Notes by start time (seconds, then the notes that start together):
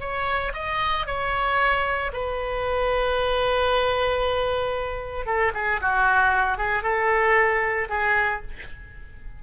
0.00 C#5
0.54 D#5
1.06 C#5
2.13 B4
5.26 A4
5.54 G#4
5.82 F#4
6.58 G#4
6.83 A4
7.89 G#4